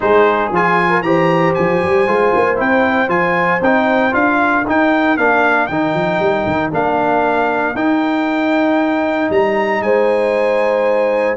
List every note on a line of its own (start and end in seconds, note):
0.00 0.51 G#3
0.00 0.51 D#4
0.00 0.89 G#4
0.00 0.52 C5
0.51 1.02 F3
0.51 1.04 F4
0.51 1.02 G#5
0.89 1.02 A#4
1.02 1.54 E3
1.02 2.07 G4
1.02 4.39 C5
1.02 1.54 A#5
1.54 1.83 F3
1.54 2.58 G#5
1.83 2.07 G3
2.07 2.33 G#3
2.07 2.56 F4
2.35 2.59 A#3
2.56 3.07 C4
2.56 3.07 E4
2.56 3.09 G5
3.07 3.59 F3
3.07 3.59 F4
3.07 3.61 G#5
3.61 4.13 C4
3.61 4.11 D#4
3.61 4.14 G5
4.11 4.65 D4
4.11 4.63 F4
4.11 4.65 F5
4.39 9.82 A#4
4.66 5.17 D#4
4.66 5.18 D#4
4.66 5.17 G5
5.17 5.69 A#3
5.17 5.70 D4
5.17 5.67 F5
5.67 5.93 D#3
5.67 6.71 D#4
5.67 6.70 G5
5.93 6.19 F3
6.19 6.45 G3
6.46 6.72 D#3
6.71 7.74 A#3
6.71 7.75 D4
6.71 7.76 F5
7.74 9.29 D#4
7.74 11.36 D#4
7.74 9.31 G5
9.30 9.80 G3
9.30 9.82 A#5
9.80 11.36 G#3
9.80 11.36 C5
9.80 11.36 G#5